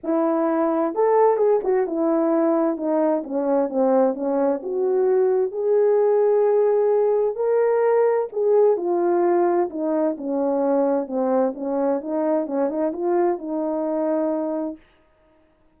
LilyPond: \new Staff \with { instrumentName = "horn" } { \time 4/4 \tempo 4 = 130 e'2 a'4 gis'8 fis'8 | e'2 dis'4 cis'4 | c'4 cis'4 fis'2 | gis'1 |
ais'2 gis'4 f'4~ | f'4 dis'4 cis'2 | c'4 cis'4 dis'4 cis'8 dis'8 | f'4 dis'2. | }